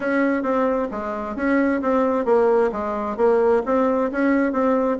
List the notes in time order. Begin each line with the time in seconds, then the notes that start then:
0.00 C#4
0.42 C4
0.91 G#3
1.36 C#4
1.81 C4
2.25 A#3
2.71 G#3
3.16 A#3
3.65 C4
4.11 C#4
4.52 C4